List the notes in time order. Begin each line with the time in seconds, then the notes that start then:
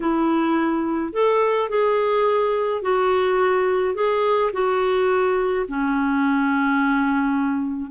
0.00 E4
1.12 A4
1.69 G#4
2.81 F#4
3.94 G#4
4.52 F#4
5.68 C#4